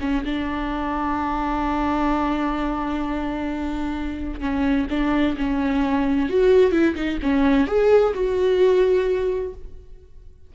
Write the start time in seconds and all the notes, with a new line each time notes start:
0.00 C#4
0.25 D4
4.40 C#4
4.90 D4
5.37 C#4
6.29 F#4
6.71 E4
6.95 D#4
7.22 C#4
7.67 G#4
8.14 F#4